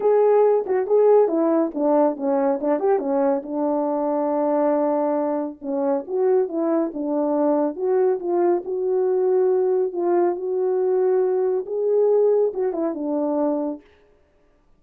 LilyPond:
\new Staff \with { instrumentName = "horn" } { \time 4/4 \tempo 4 = 139 gis'4. fis'8 gis'4 e'4 | d'4 cis'4 d'8 g'8 cis'4 | d'1~ | d'4 cis'4 fis'4 e'4 |
d'2 fis'4 f'4 | fis'2. f'4 | fis'2. gis'4~ | gis'4 fis'8 e'8 d'2 | }